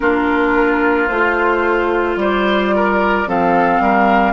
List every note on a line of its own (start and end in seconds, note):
0.00 1.09 A#3
0.00 1.08 D4
0.00 2.19 F4
0.00 1.08 A#4
1.08 2.15 A3
1.08 3.26 F4
1.08 2.17 C5
2.15 3.25 G3
2.15 2.75 C5
2.15 3.29 D5
2.75 3.28 A#4
3.26 3.80 F3
3.26 4.32 C4
3.26 3.82 A4
3.26 4.32 F5
3.80 4.32 G3
3.80 4.32 A#4